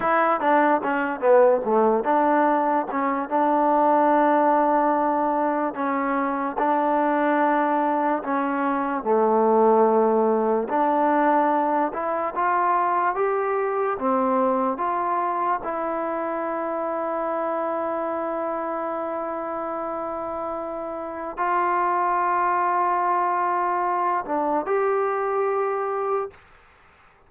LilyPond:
\new Staff \with { instrumentName = "trombone" } { \time 4/4 \tempo 4 = 73 e'8 d'8 cis'8 b8 a8 d'4 cis'8 | d'2. cis'4 | d'2 cis'4 a4~ | a4 d'4. e'8 f'4 |
g'4 c'4 f'4 e'4~ | e'1~ | e'2 f'2~ | f'4. d'8 g'2 | }